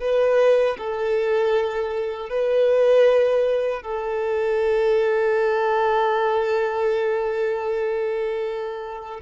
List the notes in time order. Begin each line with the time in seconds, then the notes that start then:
0.00 B4
0.78 A4
2.29 B4
3.82 A4